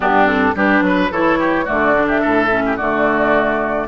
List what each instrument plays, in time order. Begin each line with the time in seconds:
0.00 bassoon G2, clarinet B3, oboe D4, flute G4
0.25 clarinet C4, flute A4
0.55 bassoon G3, clarinet D4, oboe G4, flute B4
0.81 bassoon F#3, oboe B4
1.11 bassoon E3, clarinet E4, oboe A4, flute C#5
1.38 oboe G4
1.64 bassoon D3, clarinet A3, oboe F#4, flute D5
1.93 clarinet D4
2.07 oboe G4, flute E5
2.21 bassoon A2, oboe A4
2.51 clarinet C#4
2.66 oboe G4
2.76 bassoon D3, clarinet A3, oboe F#4, flute D5